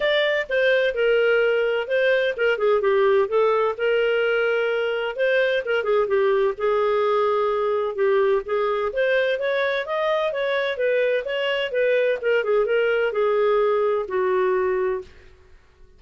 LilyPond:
\new Staff \with { instrumentName = "clarinet" } { \time 4/4 \tempo 4 = 128 d''4 c''4 ais'2 | c''4 ais'8 gis'8 g'4 a'4 | ais'2. c''4 | ais'8 gis'8 g'4 gis'2~ |
gis'4 g'4 gis'4 c''4 | cis''4 dis''4 cis''4 b'4 | cis''4 b'4 ais'8 gis'8 ais'4 | gis'2 fis'2 | }